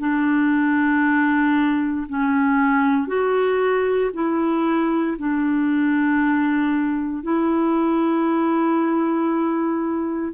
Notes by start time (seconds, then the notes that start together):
0.00 D4
2.09 C#4
3.08 F#4
4.14 E4
5.18 D4
7.23 E4